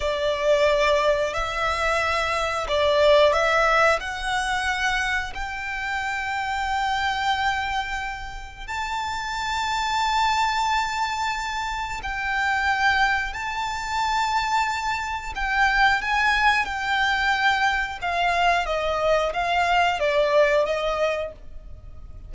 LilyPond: \new Staff \with { instrumentName = "violin" } { \time 4/4 \tempo 4 = 90 d''2 e''2 | d''4 e''4 fis''2 | g''1~ | g''4 a''2.~ |
a''2 g''2 | a''2. g''4 | gis''4 g''2 f''4 | dis''4 f''4 d''4 dis''4 | }